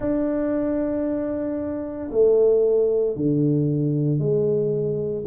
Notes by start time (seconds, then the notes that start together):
0.00 D4
2.11 A3
3.16 D3
4.18 G#3